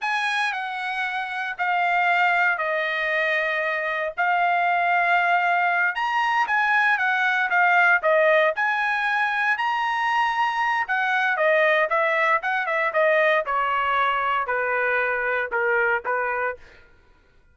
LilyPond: \new Staff \with { instrumentName = "trumpet" } { \time 4/4 \tempo 4 = 116 gis''4 fis''2 f''4~ | f''4 dis''2. | f''2.~ f''8 ais''8~ | ais''8 gis''4 fis''4 f''4 dis''8~ |
dis''8 gis''2 ais''4.~ | ais''4 fis''4 dis''4 e''4 | fis''8 e''8 dis''4 cis''2 | b'2 ais'4 b'4 | }